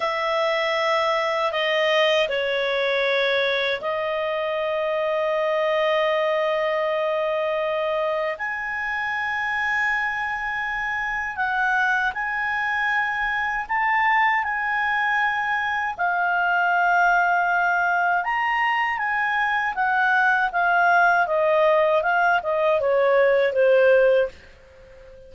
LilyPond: \new Staff \with { instrumentName = "clarinet" } { \time 4/4 \tempo 4 = 79 e''2 dis''4 cis''4~ | cis''4 dis''2.~ | dis''2. gis''4~ | gis''2. fis''4 |
gis''2 a''4 gis''4~ | gis''4 f''2. | ais''4 gis''4 fis''4 f''4 | dis''4 f''8 dis''8 cis''4 c''4 | }